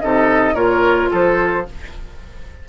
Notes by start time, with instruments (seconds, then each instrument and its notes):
0.00 bassoon C3, clarinet D#4, oboe A4, flute D#5
0.54 bassoon A#2, clarinet F4, oboe A#4, flute C#5
1.11 bassoon F3, oboe A4, flute C5